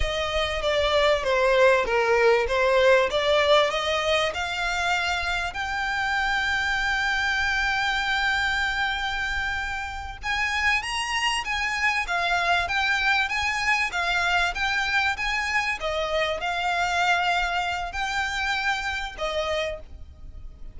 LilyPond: \new Staff \with { instrumentName = "violin" } { \time 4/4 \tempo 4 = 97 dis''4 d''4 c''4 ais'4 | c''4 d''4 dis''4 f''4~ | f''4 g''2.~ | g''1~ |
g''8 gis''4 ais''4 gis''4 f''8~ | f''8 g''4 gis''4 f''4 g''8~ | g''8 gis''4 dis''4 f''4.~ | f''4 g''2 dis''4 | }